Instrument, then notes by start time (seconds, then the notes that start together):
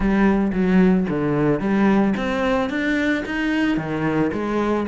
cello
0.00 G3
0.53 F#3
1.09 D3
1.60 G3
2.16 C4
2.69 D4
3.25 D#4
3.77 D#3
4.32 G#3